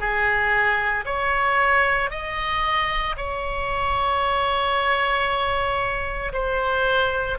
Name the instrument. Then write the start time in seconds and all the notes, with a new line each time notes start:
oboe
0.00 G#4
1.06 C#5
2.11 D#5
3.17 C#5
6.33 C5